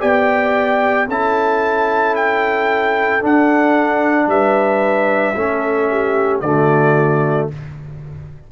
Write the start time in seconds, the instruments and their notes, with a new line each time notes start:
0.00 tuba B3, trombone G4, horn D5, trumpet G5
1.08 tuba C#4, trombone E4, horn A4, trumpet A5
2.16 trumpet G5
3.21 trombone D4, tuba D4, trumpet F#5
4.27 tuba G3, horn B4, trumpet E5
5.35 tuba A3, trombone C#4, horn A4
5.91 horn G4
6.41 tuba D3, trombone A3, horn F#4, trumpet D5